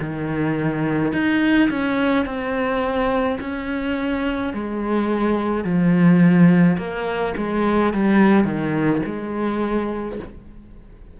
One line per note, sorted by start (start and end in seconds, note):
0.00 1.12 D#3
1.12 1.69 D#4
1.70 2.25 C#4
2.25 3.39 C4
3.40 4.53 C#4
4.53 5.64 G#3
5.64 6.77 F3
6.77 7.34 A#3
7.37 7.93 G#3
7.93 8.44 G3
8.44 9.01 D#3
9.06 10.19 G#3